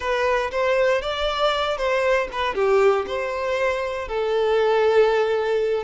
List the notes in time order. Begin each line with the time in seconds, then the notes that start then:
0.00 B4
0.51 C5
1.01 D5
1.77 C5
2.32 B4
2.54 G4
3.06 C5
4.07 A4